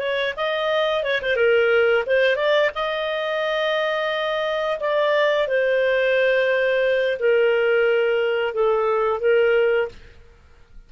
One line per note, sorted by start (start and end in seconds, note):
0.00 0.34 C#5
0.37 1.04 D#5
1.04 1.21 C#5
1.22 1.36 C5
1.36 2.05 A#4
2.07 2.36 C5
2.36 2.70 D5
2.75 4.80 D#5
4.80 5.48 D5
5.48 7.18 C5
7.20 8.54 A#4
8.54 9.20 A4
9.20 9.89 A#4